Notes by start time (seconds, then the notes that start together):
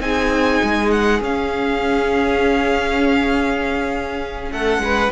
0.00 C4 D#4 G#4 G#5
0.63 G#3
0.90 F#5
1.20 C#4 F5
4.51 A3 A4 F#5
4.78 G#3 B4